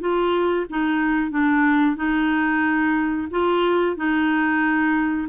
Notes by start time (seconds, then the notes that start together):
0.00 F4
0.70 D#4
1.31 D4
1.96 D#4
3.31 F4
3.96 D#4